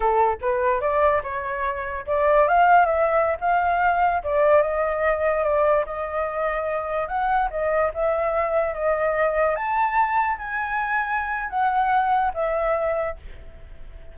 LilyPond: \new Staff \with { instrumentName = "flute" } { \time 4/4 \tempo 4 = 146 a'4 b'4 d''4 cis''4~ | cis''4 d''4 f''4 e''4~ | e''16 f''2 d''4 dis''8.~ | dis''4~ dis''16 d''4 dis''4.~ dis''16~ |
dis''4~ dis''16 fis''4 dis''4 e''8.~ | e''4~ e''16 dis''2 a''8.~ | a''4~ a''16 gis''2~ gis''8. | fis''2 e''2 | }